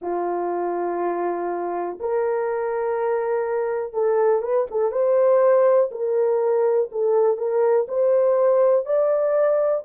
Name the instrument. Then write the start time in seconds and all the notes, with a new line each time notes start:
horn
0.01 F4
1.99 A#4
3.93 A4
4.42 B4
4.70 A4
4.91 C5
5.91 A#4
6.91 A4
7.37 A#4
7.87 C5
8.85 D5